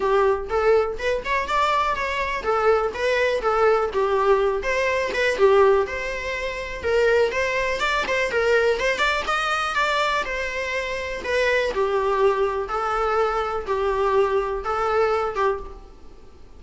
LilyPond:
\new Staff \with { instrumentName = "viola" } { \time 4/4 \tempo 4 = 123 g'4 a'4 b'8 cis''8 d''4 | cis''4 a'4 b'4 a'4 | g'4. c''4 b'8 g'4 | c''2 ais'4 c''4 |
d''8 c''8 ais'4 c''8 d''8 dis''4 | d''4 c''2 b'4 | g'2 a'2 | g'2 a'4. g'8 | }